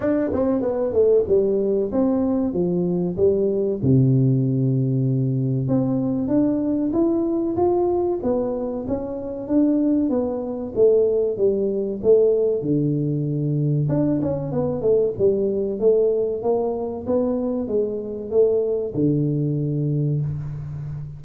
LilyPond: \new Staff \with { instrumentName = "tuba" } { \time 4/4 \tempo 4 = 95 d'8 c'8 b8 a8 g4 c'4 | f4 g4 c2~ | c4 c'4 d'4 e'4 | f'4 b4 cis'4 d'4 |
b4 a4 g4 a4 | d2 d'8 cis'8 b8 a8 | g4 a4 ais4 b4 | gis4 a4 d2 | }